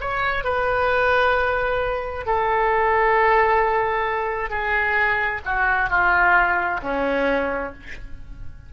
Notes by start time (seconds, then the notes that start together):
0.00 C#5
0.44 B4
2.26 A4
4.50 G#4
5.45 F#4
5.89 F4
6.82 C#4